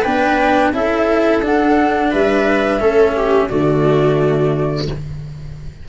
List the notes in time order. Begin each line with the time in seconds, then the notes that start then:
0.00 D4 B4 G5
0.06 B3
0.73 C#4 E4 A4 E5
1.41 D4 F#5
2.11 G3 B4 E5
2.80 A3 C#4 A4
3.16 G4
3.48 D3 A3 F#4 D5